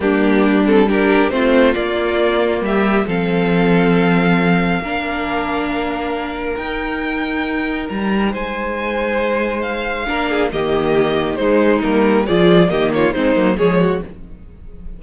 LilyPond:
<<
  \new Staff \with { instrumentName = "violin" } { \time 4/4 \tempo 4 = 137 g'4. a'8 ais'4 c''4 | d''2 e''4 f''4~ | f''1~ | f''2. g''4~ |
g''2 ais''4 gis''4~ | gis''2 f''2 | dis''2 c''4 ais'4 | d''4 dis''8 cis''8 c''4 cis''4 | }
  \new Staff \with { instrumentName = "violin" } { \time 4/4 d'2 g'4 f'4~ | f'2 g'4 a'4~ | a'2. ais'4~ | ais'1~ |
ais'2. c''4~ | c''2. ais'8 gis'8 | g'2 dis'2 | gis'4 g'8 f'8 dis'4 gis'8 fis'8 | }
  \new Staff \with { instrumentName = "viola" } { \time 4/4 ais4. c'8 d'4 c'4 | ais2. c'4~ | c'2. d'4~ | d'2. dis'4~ |
dis'1~ | dis'2. d'4 | ais2 gis4 ais4 | f'4 ais4 c'8 ais8 gis4 | }
  \new Staff \with { instrumentName = "cello" } { \time 4/4 g2. a4 | ais2 g4 f4~ | f2. ais4~ | ais2. dis'4~ |
dis'2 g4 gis4~ | gis2. ais4 | dis2 gis4 g4 | f4 dis4 gis8 fis8 f4 | }
>>